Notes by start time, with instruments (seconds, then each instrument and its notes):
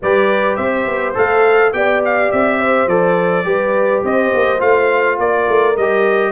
0.01 tuba G3, trombone G4, horn B4, trumpet D5
0.56 tuba C4, horn C5, trumpet E5
0.86 tuba B3
1.14 tuba A3, trombone A4, trumpet F5
1.72 tuba B3, trombone G4, horn D5, trumpet G5
2.04 trumpet F5
2.31 tuba C4, trumpet E5
2.58 horn C5
2.86 tuba F3, trombone A4, trumpet D5
3.44 tuba G3, trombone G4, horn B4
4.04 tuba C4, horn C5, trumpet D#5
4.33 tuba A#3
4.59 tuba A3, trombone F4, trumpet F5
5.19 tuba A#3, horn A#4, trumpet D5
5.48 tuba A3
5.76 tuba G3, trombone G4, trumpet D#5